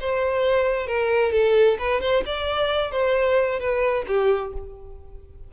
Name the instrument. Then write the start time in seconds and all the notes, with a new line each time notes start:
violin
0.00 C5
0.87 A#4
1.32 A4
1.79 B4
2.01 C5
2.26 D5
2.92 C5
3.60 B4
4.07 G4